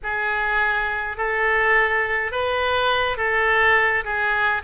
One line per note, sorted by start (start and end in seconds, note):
0.03 1.17 G#4
1.17 2.31 A4
2.31 3.17 B4
3.17 4.04 A4
4.04 4.62 G#4